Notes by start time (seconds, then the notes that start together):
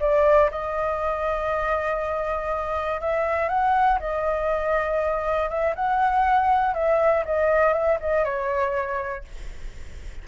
0.00 D5
0.51 D#5
3.01 E5
3.49 F#5
4.00 D#5
5.50 E5
5.75 F#5
6.74 E5
7.25 D#5
7.73 E5
8.00 D#5
8.25 C#5